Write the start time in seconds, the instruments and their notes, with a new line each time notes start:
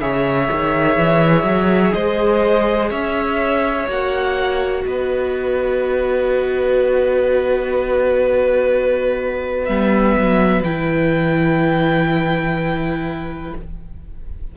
0.00 cello C#3, viola G#4, violin C#5 E5
0.51 cello D#3
0.97 cello E3
1.43 cello F#3
1.92 cello G#3, violin C5 D#5
2.89 cello C#4, violin C#5 E5
3.88 cello A#3, viola F#4, violin F#5
4.84 cello B3, violin B4 D#5
9.65 cello G3, viola B3, violin E5
10.17 cello F#3
10.62 cello E3, viola E4, violin G5